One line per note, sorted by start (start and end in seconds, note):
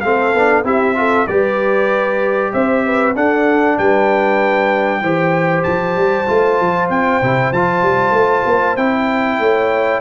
0.00 0.33 A3
0.00 0.35 C4
0.00 0.65 A4
0.00 0.62 F5
0.33 0.63 B3
0.33 0.64 D4
0.63 1.26 C4
0.63 0.95 E4
0.63 0.96 G4
0.63 1.27 E5
0.95 1.26 F4
0.95 1.27 A4
1.27 2.53 G3
1.27 3.15 G4
1.27 2.52 B4
1.27 2.52 D5
2.52 3.15 C4
2.52 2.84 C5
2.52 3.15 E5
2.85 3.16 B4
3.15 5.02 D4
3.15 3.78 D4
3.15 3.78 A4
3.15 3.78 F#5
3.78 5.01 G3
3.78 5.00 B4
3.78 5.63 G5
5.00 5.64 E3
5.00 6.27 G4
5.00 9.38 C5
5.63 5.96 F3
5.63 6.88 A5
5.96 6.27 G3
6.27 6.60 A3
6.27 7.21 F4
6.60 6.89 F3
6.89 7.21 C4
6.89 7.52 G5
7.22 7.52 C3
7.22 7.53 E4
7.52 7.82 F3
7.52 8.78 F4
7.52 8.76 A5
7.82 8.11 G3
8.11 8.42 A3
8.45 8.76 A#3
8.76 9.39 C4
8.76 10.00 E4
8.76 10.00 G5
9.39 10.00 A3
9.39 10.00 C#5